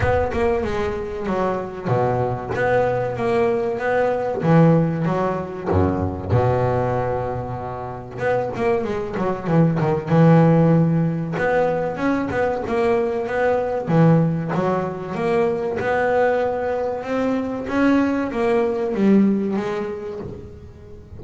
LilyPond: \new Staff \with { instrumentName = "double bass" } { \time 4/4 \tempo 4 = 95 b8 ais8 gis4 fis4 b,4 | b4 ais4 b4 e4 | fis4 fis,4 b,2~ | b,4 b8 ais8 gis8 fis8 e8 dis8 |
e2 b4 cis'8 b8 | ais4 b4 e4 fis4 | ais4 b2 c'4 | cis'4 ais4 g4 gis4 | }